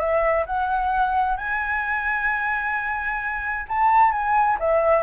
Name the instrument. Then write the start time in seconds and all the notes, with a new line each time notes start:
flute
0.00 E5
0.46 F#5
1.38 G#5
3.69 A5
4.12 G#5
4.60 E5